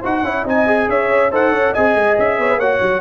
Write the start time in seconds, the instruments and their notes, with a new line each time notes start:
0.00 tuba D#4, trombone F#4, horn C5, trumpet F#5
0.23 tuba C#4, trombone E4, horn C#5
0.44 tuba C4, trombone D#4, horn D#5, trumpet G#5
0.66 trombone G#4
0.89 tuba C#4, horn C#5, trumpet E5
1.32 tuba D#4, trombone A4, horn C5, trumpet F#5
1.51 tuba C#4, horn C#5
1.73 tuba C4, trombone G#4, horn D#5, trumpet G#5
1.96 tuba G#3
2.19 tuba C#4, trumpet E5
2.39 tuba B3, horn C#5
2.50 horn B4
2.57 tuba A#3, trombone F#4, horn C#5, trumpet F#5
2.82 tuba F#3